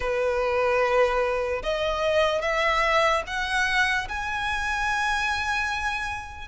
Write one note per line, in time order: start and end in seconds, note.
0.00 1.62 B4
1.62 2.41 D#5
2.41 3.22 E5
3.27 4.08 F#5
4.08 6.48 G#5